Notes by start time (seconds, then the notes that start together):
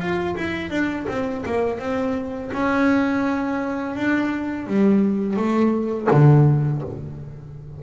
0.00 F4
0.37 E4
0.70 D4
1.08 C4
1.46 A#3
1.79 C4
2.53 C#4
3.96 D4
4.67 G3
5.36 A3
6.11 D3